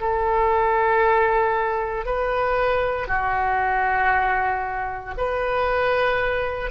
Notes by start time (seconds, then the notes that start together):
0.00 A4
2.05 B4
3.07 F#4
5.17 B4